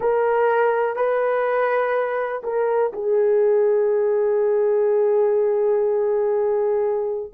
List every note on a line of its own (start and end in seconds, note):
0.00 0.96 A#4
0.96 2.42 B4
2.43 2.92 A#4
2.93 7.32 G#4